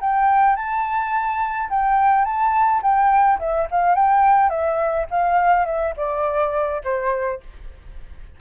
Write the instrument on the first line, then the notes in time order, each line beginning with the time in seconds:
flute
0.00 G5
0.56 A5
1.70 G5
2.25 A5
2.82 G5
3.39 E5
3.71 F5
3.95 G5
4.50 E5
5.10 F5
5.66 E5
5.97 D5
6.84 C5